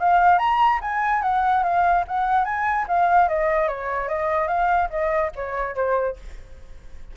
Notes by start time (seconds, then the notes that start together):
0.00 F5
0.39 A#5
0.82 G#5
1.23 F#5
1.64 F5
2.08 F#5
2.45 G#5
2.88 F5
3.29 D#5
3.68 C#5
4.09 D#5
4.48 F5
4.90 D#5
5.36 C#5
5.76 C5